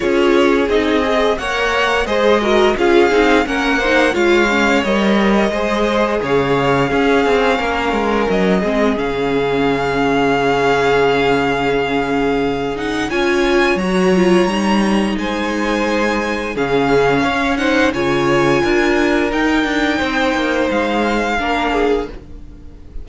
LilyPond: <<
  \new Staff \with { instrumentName = "violin" } { \time 4/4 \tempo 4 = 87 cis''4 dis''4 fis''4 dis''4 | f''4 fis''4 f''4 dis''4~ | dis''4 f''2. | dis''4 f''2.~ |
f''2~ f''8 fis''8 gis''4 | ais''2 gis''2 | f''4. fis''8 gis''2 | g''2 f''2 | }
  \new Staff \with { instrumentName = "violin" } { \time 4/4 gis'2 cis''4 c''8 ais'8 | gis'4 ais'8 c''8 cis''2 | c''4 cis''4 gis'4 ais'4~ | ais'8 gis'2.~ gis'8~ |
gis'2. cis''4~ | cis''2 c''2 | gis'4 cis''8 c''8 cis''4 ais'4~ | ais'4 c''2 ais'8 gis'8 | }
  \new Staff \with { instrumentName = "viola" } { \time 4/4 f'4 dis'8 gis'8 ais'4 gis'8 fis'8 | f'8 dis'8 cis'8 dis'8 f'8 cis'8 ais'4 | gis'2 cis'2~ | cis'8 c'8 cis'2.~ |
cis'2~ cis'8 dis'8 f'4 | fis'8 f'8 dis'2. | cis'4. dis'8 f'2 | dis'2. d'4 | }
  \new Staff \with { instrumentName = "cello" } { \time 4/4 cis'4 c'4 ais4 gis4 | cis'8 c'8 ais4 gis4 g4 | gis4 cis4 cis'8 c'8 ais8 gis8 | fis8 gis8 cis2.~ |
cis2. cis'4 | fis4 g4 gis2 | cis4 cis'4 cis4 d'4 | dis'8 d'8 c'8 ais8 gis4 ais4 | }
>>